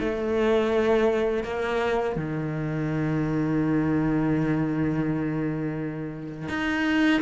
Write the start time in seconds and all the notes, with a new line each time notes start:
0.00 A3
1.44 A#3
2.16 D#3
6.49 D#4